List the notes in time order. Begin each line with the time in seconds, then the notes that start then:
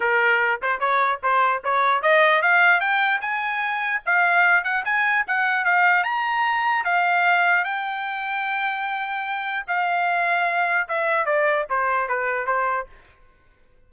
0.00 A#4
0.62 C5
0.79 C#5
1.22 C5
1.63 C#5
2.02 D#5
2.41 F5
2.80 G5
3.21 G#5
4.05 F5
4.63 F#5
4.84 G#5
5.27 F#5
5.64 F5
6.03 A#5
6.84 F5
7.64 G5
9.67 F5
10.88 E5
11.25 D5
11.69 C5
12.08 B4
12.46 C5